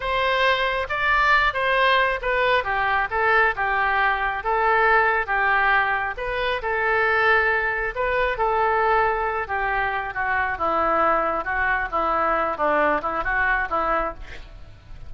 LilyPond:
\new Staff \with { instrumentName = "oboe" } { \time 4/4 \tempo 4 = 136 c''2 d''4. c''8~ | c''4 b'4 g'4 a'4 | g'2 a'2 | g'2 b'4 a'4~ |
a'2 b'4 a'4~ | a'4. g'4. fis'4 | e'2 fis'4 e'4~ | e'8 d'4 e'8 fis'4 e'4 | }